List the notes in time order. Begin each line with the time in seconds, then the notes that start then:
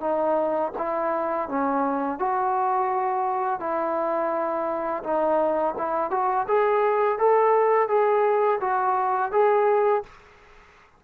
0.00 D#4
0.78 E4
1.48 C#4
2.19 F#4
3.60 E4
5.03 D#4
5.78 E4
6.10 F#4
6.48 G#4
7.19 A4
7.88 G#4
8.60 F#4
9.31 G#4